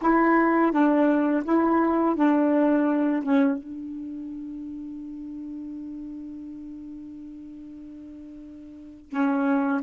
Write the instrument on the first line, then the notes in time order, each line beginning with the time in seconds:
saxophone
0.01 E4
0.71 D4
1.44 E4
2.15 D4
3.22 C#4
3.57 D4
9.09 C#4